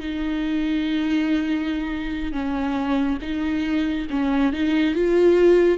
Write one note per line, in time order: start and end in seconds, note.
0.00 2.32 D#4
2.32 3.18 C#4
3.21 4.07 D#4
4.10 4.52 C#4
4.52 4.95 D#4
4.95 5.78 F4